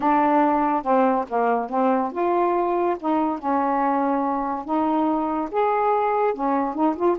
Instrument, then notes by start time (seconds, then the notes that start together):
saxophone
0.00 D4
0.82 C4
1.28 A#3
1.69 C4
2.12 F4
2.99 D#4
3.38 C#4
4.64 D#4
5.51 G#4
6.33 C#4
6.74 D#4
6.95 F4